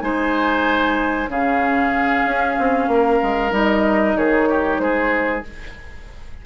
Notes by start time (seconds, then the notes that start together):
0.00 G#3 D#4 C5 G#5
1.28 C#3 C#4 G#4 F5
2.25 C#4
2.58 C4
2.87 A#3 A#4
3.22 G#3
3.50 G3 D#4 D#5
4.16 D#3 G#4 C#5
4.49 G4
4.78 G#3 G#4 C5